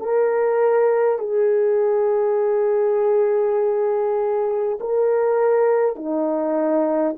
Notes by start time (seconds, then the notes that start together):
0.00 A#4
1.18 G#4
4.80 A#4
5.96 D#4